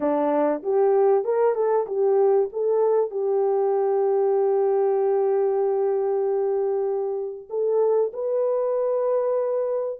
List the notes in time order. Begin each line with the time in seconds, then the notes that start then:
0.00 D4
0.62 G4
1.24 A#4
1.55 A4
1.86 G4
2.52 A4
3.11 G4
7.49 A4
8.13 B4